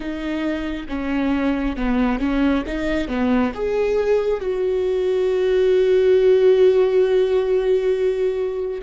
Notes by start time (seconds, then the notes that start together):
0.00 D#4
0.88 C#4
1.76 B3
2.19 C#4
2.66 D#4
3.08 B3
3.54 G#4
4.40 F#4